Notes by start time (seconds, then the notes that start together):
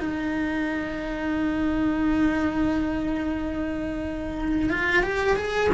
0.00 D#4
4.70 F4
5.03 G4
5.37 G#4